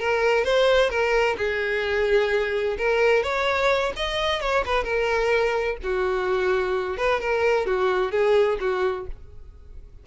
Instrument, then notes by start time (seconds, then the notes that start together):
violin
0.00 A#4
0.44 C5
0.90 A#4
1.38 G#4
2.78 A#4
3.23 C#5
3.97 D#5
4.41 C#5
4.66 B4
4.84 A#4
5.83 F#4
6.98 B4
7.21 A#4
7.67 F#4
8.12 G#4
8.60 F#4